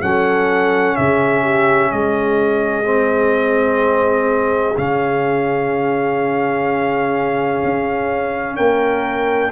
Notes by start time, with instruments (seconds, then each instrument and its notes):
0.00 tuba F#3, trombone C#4, horn A4, trumpet F#5
0.96 tuba C#3, horn G#4, trumpet E5
1.42 horn G4
1.92 tuba G#3, horn G#4, trumpet D#5
2.84 trombone C4
4.77 tuba C#3, trombone C#4, trumpet F5
7.64 tuba C#4
8.56 tuba A#3, horn A#4, trumpet G5